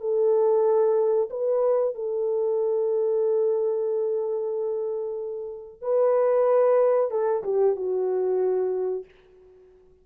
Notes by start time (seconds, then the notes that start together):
0.00 A4
1.30 B4
1.94 A4
5.82 B4
7.11 A4
7.43 G4
7.76 F#4